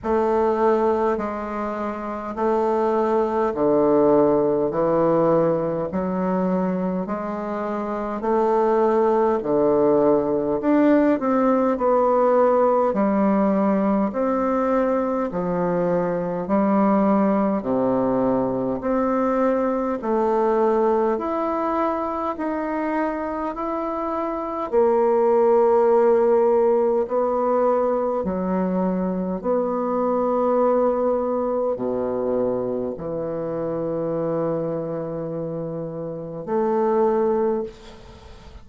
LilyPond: \new Staff \with { instrumentName = "bassoon" } { \time 4/4 \tempo 4 = 51 a4 gis4 a4 d4 | e4 fis4 gis4 a4 | d4 d'8 c'8 b4 g4 | c'4 f4 g4 c4 |
c'4 a4 e'4 dis'4 | e'4 ais2 b4 | fis4 b2 b,4 | e2. a4 | }